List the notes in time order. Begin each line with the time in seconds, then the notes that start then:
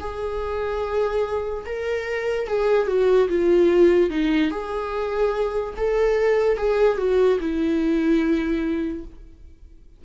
0.00 G#4
1.66 A#4
2.47 G#4
2.87 F#4
3.29 F4
4.10 D#4
4.51 G#4
5.76 A4
6.57 G#4
6.98 F#4
7.40 E4